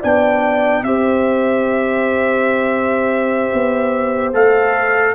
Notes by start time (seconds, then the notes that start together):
0.00 B3 D4 D5 G5
0.83 C4 G4 C5 E5
3.53 B3
4.33 A3 A4 F5